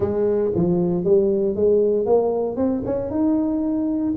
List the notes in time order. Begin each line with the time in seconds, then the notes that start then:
0.00 G#3
0.55 F3
1.04 G3
1.55 G#3
2.05 A#3
2.56 C4
2.85 C#4
3.10 D#4